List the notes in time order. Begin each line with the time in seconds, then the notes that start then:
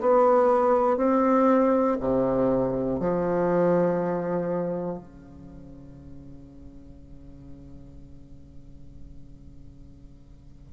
0.00 B3
0.97 C4
2.00 C3
3.00 F3
4.98 C#3